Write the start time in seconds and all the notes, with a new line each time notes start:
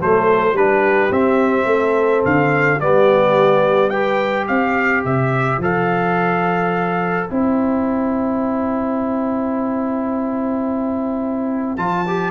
0.00 F#3 A3 A4 C5
0.52 G3 D4 G4 B4
1.10 C4 E5
1.66 A3 A4
2.25 D3 F5
2.80 G3 B3 G4 D5
3.90 G4 B4 G5
4.47 C4 C5 F5
5.04 C3 E5
5.57 F3 A4 F5
7.28 C4 E4 G5
11.77 F3 F4 A5
12.07 G4